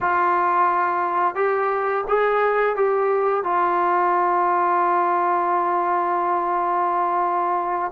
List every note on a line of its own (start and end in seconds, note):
0.00 1.35 F4
1.35 2.04 G4
2.08 2.76 G#4
2.76 3.43 G4
3.43 7.91 F4